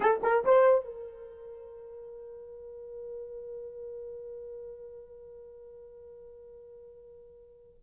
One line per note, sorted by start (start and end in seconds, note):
0.00 0.20 A4
0.22 0.44 A#4
0.44 0.84 C5
0.84 7.80 A#4